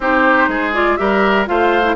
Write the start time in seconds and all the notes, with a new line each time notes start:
0.00 C4 D#4 G4 C5
0.47 G#3 G#4
0.73 F4 D5
0.96 G3 G4 A#4 E5
1.45 A3 F4 C5 F5
1.83 E4